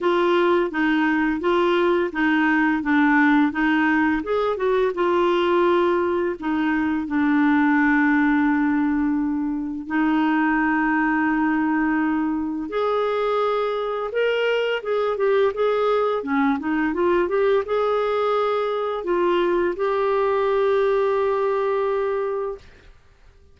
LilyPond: \new Staff \with { instrumentName = "clarinet" } { \time 4/4 \tempo 4 = 85 f'4 dis'4 f'4 dis'4 | d'4 dis'4 gis'8 fis'8 f'4~ | f'4 dis'4 d'2~ | d'2 dis'2~ |
dis'2 gis'2 | ais'4 gis'8 g'8 gis'4 cis'8 dis'8 | f'8 g'8 gis'2 f'4 | g'1 | }